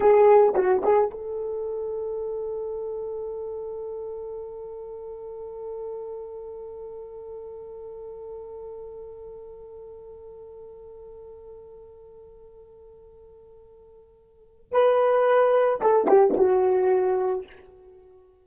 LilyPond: \new Staff \with { instrumentName = "horn" } { \time 4/4 \tempo 4 = 110 gis'4 fis'8 gis'8 a'2~ | a'1~ | a'1~ | a'1~ |
a'1~ | a'1~ | a'2. b'4~ | b'4 a'8 g'8 fis'2 | }